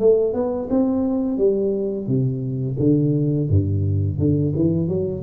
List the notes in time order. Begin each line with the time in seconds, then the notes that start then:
0.00 A3
0.34 B3
0.70 C4
1.38 G3
2.08 C3
2.80 D3
3.50 G2
4.19 D3
4.56 E3
4.88 F#3